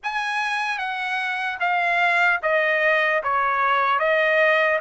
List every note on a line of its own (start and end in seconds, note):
0.03 0.78 G#5
0.78 1.58 F#5
1.60 2.40 F5
2.42 3.22 D#5
3.23 3.99 C#5
3.99 4.79 D#5